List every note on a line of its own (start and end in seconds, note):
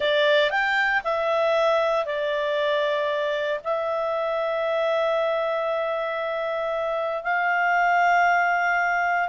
0.00 0.50 D5
0.50 1.02 G5
1.03 2.05 E5
2.05 3.61 D5
3.64 7.23 E5
7.23 9.28 F5